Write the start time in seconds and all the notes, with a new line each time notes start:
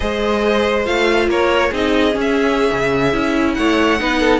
0.00 G#3 G#4 C5 D#5
0.85 A3 F4 F5
1.28 A#3 A#4 C#5
1.70 C4 D#4 G#4 D#5
2.11 C#4
2.21 E5
2.72 C#3
3.12 C#4 E4
3.54 A3 C#5 F#5
3.99 B3 D#4 B4
4.20 A4